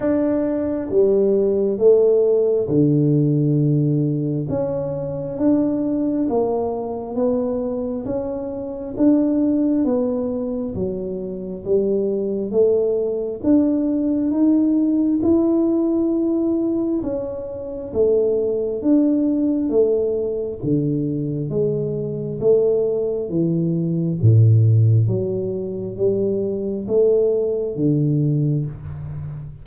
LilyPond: \new Staff \with { instrumentName = "tuba" } { \time 4/4 \tempo 4 = 67 d'4 g4 a4 d4~ | d4 cis'4 d'4 ais4 | b4 cis'4 d'4 b4 | fis4 g4 a4 d'4 |
dis'4 e'2 cis'4 | a4 d'4 a4 d4 | gis4 a4 e4 a,4 | fis4 g4 a4 d4 | }